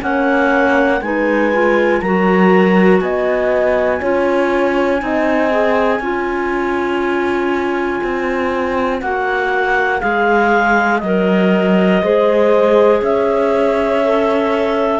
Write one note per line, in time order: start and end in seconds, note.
0.00 1.01 A#3
0.00 1.00 C#4
0.00 1.02 C#5
0.00 1.02 F#5
1.01 2.01 G#3
1.01 1.53 D#4
1.01 2.02 B4
1.01 2.01 G#5
1.53 2.03 F4
2.01 3.01 F#3
2.01 4.02 F#4
2.01 3.02 A#4
2.01 3.00 A#5
3.00 4.01 B3
3.00 4.00 D#5
3.00 9.00 G#5
4.00 5.02 C#4
4.00 4.99 F4
4.00 5.00 C#5
4.99 6.00 C4
4.99 5.49 D#4
4.99 6.03 D#5
5.51 6.01 G#4
6.00 8.00 C#4
6.00 9.02 F4
6.00 12.03 C#5
8.03 9.02 C4
9.01 10.02 A#3
9.01 10.00 F#4
9.01 10.01 F#5
10.00 11.02 G#3
10.00 11.00 G#4
10.00 11.00 F5
11.00 12.02 F#3
11.00 12.04 A#4
11.00 13.00 D#5
12.03 13.02 G#3
12.03 14.03 G#4
12.03 13.01 C5
13.01 15.00 C#4
13.01 15.00 C#5
13.01 15.00 E5
14.03 15.00 A4